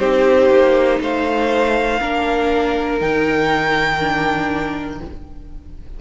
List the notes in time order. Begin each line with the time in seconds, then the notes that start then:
0.00 C4 D#4 G4 C5
0.50 A#3
1.01 A3 C5 F5
2.01 A#3 D4 A#4
3.00 D#3 D#4 G5
4.00 D4